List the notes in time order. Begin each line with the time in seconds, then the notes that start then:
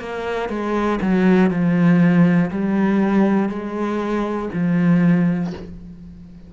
0.00 A#3
0.50 G#3
1.01 F#3
1.50 F3
2.51 G3
3.49 G#3
4.53 F3